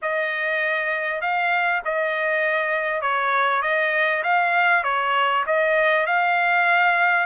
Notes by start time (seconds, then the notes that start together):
0.02 D#5
1.21 F5
1.85 D#5
3.01 C#5
3.62 D#5
4.23 F5
4.83 C#5
5.46 D#5
6.06 F5